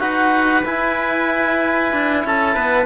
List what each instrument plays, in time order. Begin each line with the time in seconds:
0.00 cello D#4, trombone F#4, trumpet B4, clarinet F#5
0.65 trombone E4, cello E4, clarinet G#5
1.93 cello D4
2.25 cello C#4, trumpet A4, clarinet A5
2.55 cello B3, trumpet B4